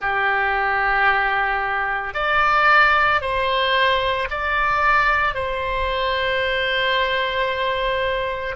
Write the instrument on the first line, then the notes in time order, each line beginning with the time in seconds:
oboe
0.01 G4
2.14 D5
3.21 C5
4.30 D5
5.34 C5